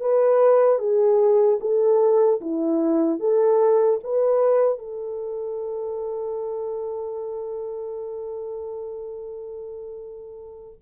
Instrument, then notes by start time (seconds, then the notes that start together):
horn
0.00 B4
0.78 G#4
1.60 A4
2.40 E4
3.19 A4
4.03 B4
4.78 A4